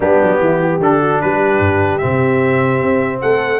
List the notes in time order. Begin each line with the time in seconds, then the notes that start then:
0.00 G3 B3 D4 G4
0.22 F#3
0.40 E3 E4
0.61 G4
0.79 D3 D4 A4
1.00 F#4
1.21 G3 G4 B4
1.59 G2
1.98 C3 C4 E5
2.82 C4
3.21 A3 A4 F#5